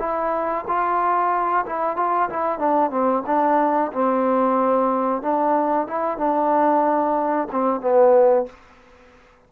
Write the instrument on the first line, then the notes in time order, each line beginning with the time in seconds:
trombone
0.00 E4
0.68 F4
1.67 E4
1.97 F4
2.30 E4
2.59 D4
2.91 C4
3.27 D4
3.93 C4
5.22 D4
5.88 E4
6.18 D4
7.52 C4
7.81 B3